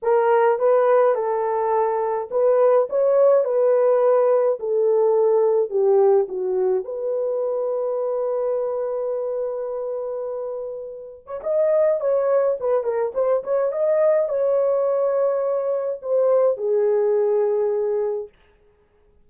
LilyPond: \new Staff \with { instrumentName = "horn" } { \time 4/4 \tempo 4 = 105 ais'4 b'4 a'2 | b'4 cis''4 b'2 | a'2 g'4 fis'4 | b'1~ |
b'2.~ b'8. cis''16 | dis''4 cis''4 b'8 ais'8 c''8 cis''8 | dis''4 cis''2. | c''4 gis'2. | }